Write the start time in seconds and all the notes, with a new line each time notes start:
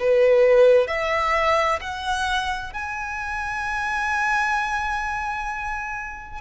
0.00 B4
0.88 E5
1.81 F#5
2.74 G#5